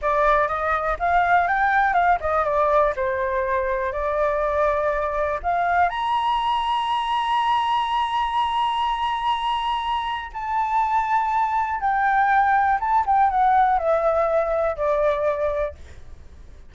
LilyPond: \new Staff \with { instrumentName = "flute" } { \time 4/4 \tempo 4 = 122 d''4 dis''4 f''4 g''4 | f''8 dis''8 d''4 c''2 | d''2. f''4 | ais''1~ |
ais''1~ | ais''4 a''2. | g''2 a''8 g''8 fis''4 | e''2 d''2 | }